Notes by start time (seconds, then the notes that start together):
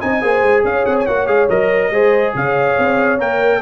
0.00 C4 D#4 D#5 G#5
0.22 A#3 G#4 C5
0.43 G#3
0.65 C#4 C#5 F5
0.86 C4 F#5
1.00 G#5
1.07 A#3 F#4 F#5
1.28 G#3 G#4 F5
1.50 F#3 A#4 D#5
1.91 G#3 G#4 C5
2.35 C#3 C#5 F5
2.79 C4
3.20 A#3 A#4 G5